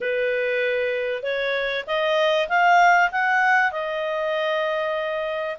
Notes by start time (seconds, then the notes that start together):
0.00 B4
1.22 C#5
1.86 D#5
2.48 F5
3.11 F#5
3.71 D#5